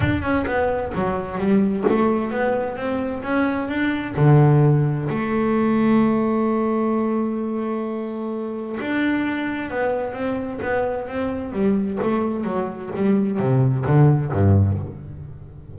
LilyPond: \new Staff \with { instrumentName = "double bass" } { \time 4/4 \tempo 4 = 130 d'8 cis'8 b4 fis4 g4 | a4 b4 c'4 cis'4 | d'4 d2 a4~ | a1~ |
a2. d'4~ | d'4 b4 c'4 b4 | c'4 g4 a4 fis4 | g4 c4 d4 g,4 | }